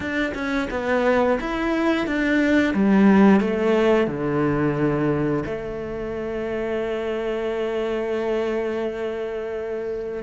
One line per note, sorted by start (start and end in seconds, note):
0.00 0.32 D4
0.34 0.68 C#4
0.70 1.38 B3
1.40 2.06 E4
2.06 2.73 D4
2.73 3.40 G3
3.40 4.07 A3
4.07 5.43 D3
5.45 10.22 A3